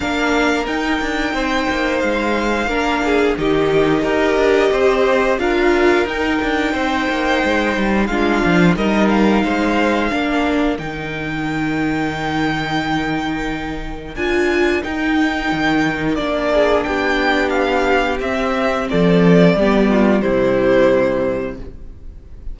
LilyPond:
<<
  \new Staff \with { instrumentName = "violin" } { \time 4/4 \tempo 4 = 89 f''4 g''2 f''4~ | f''4 dis''2. | f''4 g''2. | f''4 dis''8 f''2~ f''8 |
g''1~ | g''4 gis''4 g''2 | d''4 g''4 f''4 e''4 | d''2 c''2 | }
  \new Staff \with { instrumentName = "violin" } { \time 4/4 ais'2 c''2 | ais'8 gis'8 g'4 ais'4 c''4 | ais'2 c''2 | f'4 ais'4 c''4 ais'4~ |
ais'1~ | ais'1~ | ais'8 gis'8 g'2. | a'4 g'8 f'8 e'2 | }
  \new Staff \with { instrumentName = "viola" } { \time 4/4 d'4 dis'2. | d'4 dis'4 g'2 | f'4 dis'2. | d'4 dis'2 d'4 |
dis'1~ | dis'4 f'4 dis'2 | d'2. c'4~ | c'4 b4 g2 | }
  \new Staff \with { instrumentName = "cello" } { \time 4/4 ais4 dis'8 d'8 c'8 ais8 gis4 | ais4 dis4 dis'8 d'8 c'4 | d'4 dis'8 d'8 c'8 ais8 gis8 g8 | gis8 f8 g4 gis4 ais4 |
dis1~ | dis4 d'4 dis'4 dis4 | ais4 b2 c'4 | f4 g4 c2 | }
>>